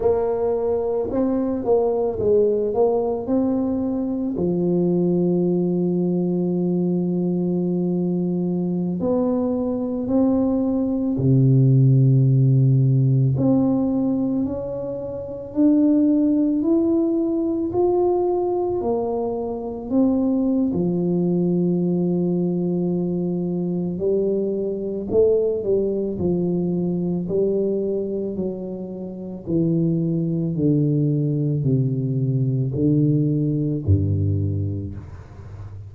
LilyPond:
\new Staff \with { instrumentName = "tuba" } { \time 4/4 \tempo 4 = 55 ais4 c'8 ais8 gis8 ais8 c'4 | f1~ | f16 b4 c'4 c4.~ c16~ | c16 c'4 cis'4 d'4 e'8.~ |
e'16 f'4 ais4 c'8. f4~ | f2 g4 a8 g8 | f4 g4 fis4 e4 | d4 c4 d4 g,4 | }